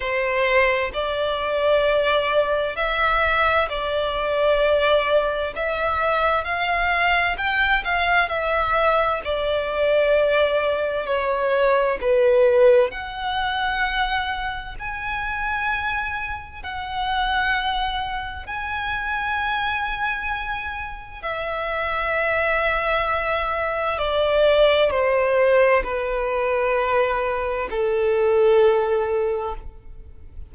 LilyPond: \new Staff \with { instrumentName = "violin" } { \time 4/4 \tempo 4 = 65 c''4 d''2 e''4 | d''2 e''4 f''4 | g''8 f''8 e''4 d''2 | cis''4 b'4 fis''2 |
gis''2 fis''2 | gis''2. e''4~ | e''2 d''4 c''4 | b'2 a'2 | }